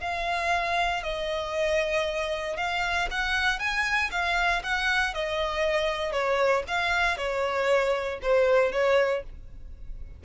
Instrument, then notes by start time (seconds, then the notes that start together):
violin
0.00 F5
1.03 D#5
2.57 F5
3.10 F#5
3.59 G#5
4.11 F5
4.63 F#5
5.14 D#5
6.12 C#5
6.67 F5
7.17 C#5
8.22 C5
8.72 C#5